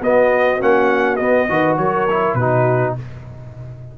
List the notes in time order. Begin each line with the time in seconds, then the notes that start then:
0.00 B3 F#4 D#5
0.60 A#3 C#4 F#5
1.16 B3 D#5
1.49 D#3 F#4 B4
1.77 F#3 A#4 C#5
2.10 E4
2.34 B2 D#4 F#4 B4